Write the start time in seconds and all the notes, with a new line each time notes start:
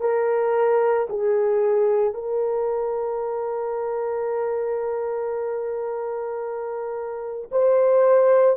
0.00 A#4
1.09 G#4
2.13 A#4
7.51 C5